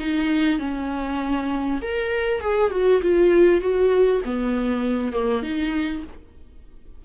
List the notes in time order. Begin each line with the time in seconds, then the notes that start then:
0.00 D#4
0.59 C#4
1.82 A#4
2.41 G#4
2.72 F#4
3.02 F4
3.61 F#4
4.26 B3
5.13 A#3
5.43 D#4